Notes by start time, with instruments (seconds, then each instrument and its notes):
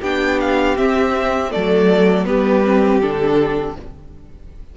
0.00 cello B3, viola D4, violin G4 G5
0.40 violin F5
0.76 viola C4, cello C4, violin E5
1.51 cello F#3, viola A3, violin A4 D5
2.25 cello G3, viola B3, violin G4 B4
2.65 viola C4
3.01 cello D3, viola D4, violin A4